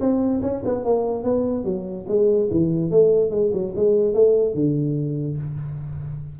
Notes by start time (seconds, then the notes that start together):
0.00 C4
0.42 C#4
0.65 B3
0.85 A#3
1.24 B3
1.64 F#3
2.08 G#3
2.51 E3
2.91 A3
3.30 G#3
3.53 F#3
3.76 G#3
4.14 A3
4.55 D3